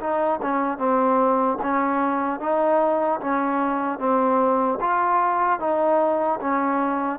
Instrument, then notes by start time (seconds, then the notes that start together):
trombone
0.00 D#4
0.42 C#4
0.78 C4
1.63 C#4
2.40 D#4
3.20 C#4
3.99 C4
4.80 F4
5.60 D#4
6.41 C#4